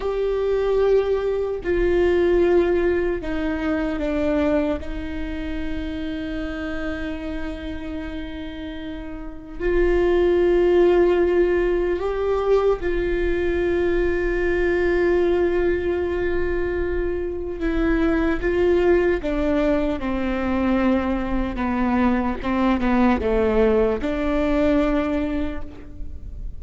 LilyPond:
\new Staff \with { instrumentName = "viola" } { \time 4/4 \tempo 4 = 75 g'2 f'2 | dis'4 d'4 dis'2~ | dis'1 | f'2. g'4 |
f'1~ | f'2 e'4 f'4 | d'4 c'2 b4 | c'8 b8 a4 d'2 | }